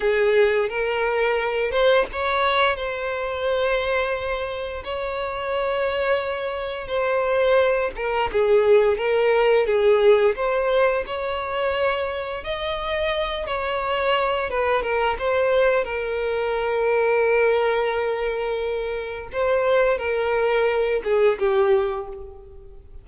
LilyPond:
\new Staff \with { instrumentName = "violin" } { \time 4/4 \tempo 4 = 87 gis'4 ais'4. c''8 cis''4 | c''2. cis''4~ | cis''2 c''4. ais'8 | gis'4 ais'4 gis'4 c''4 |
cis''2 dis''4. cis''8~ | cis''4 b'8 ais'8 c''4 ais'4~ | ais'1 | c''4 ais'4. gis'8 g'4 | }